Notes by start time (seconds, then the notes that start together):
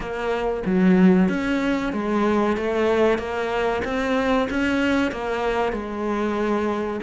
0.00 A#3
0.65 F#3
1.29 C#4
1.92 G#3
2.56 A3
3.18 A#3
3.84 C4
4.50 C#4
5.11 A#3
5.72 G#3